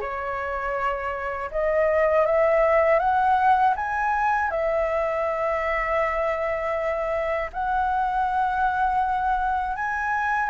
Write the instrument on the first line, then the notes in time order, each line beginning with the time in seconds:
flute
0.00 C#5
1.51 D#5
2.26 E5
2.99 F#5
3.76 G#5
4.50 E5
7.52 F#5
9.76 G#5